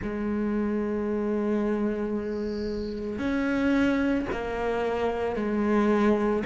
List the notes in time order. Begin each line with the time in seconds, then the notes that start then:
0.02 G#3
3.19 C#4
4.31 A#3
5.36 G#3